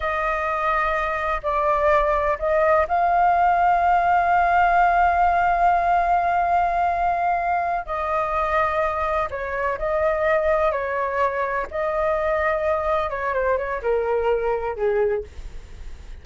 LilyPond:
\new Staff \with { instrumentName = "flute" } { \time 4/4 \tempo 4 = 126 dis''2. d''4~ | d''4 dis''4 f''2~ | f''1~ | f''1~ |
f''8 dis''2. cis''8~ | cis''8 dis''2 cis''4.~ | cis''8 dis''2. cis''8 | c''8 cis''8 ais'2 gis'4 | }